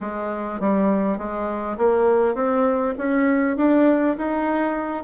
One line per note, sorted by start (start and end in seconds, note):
0.00 0.59 G#3
0.59 1.17 G3
1.17 1.77 G#3
1.77 2.35 A#3
2.35 2.94 C4
2.98 3.56 C#4
3.56 4.16 D4
4.17 5.03 D#4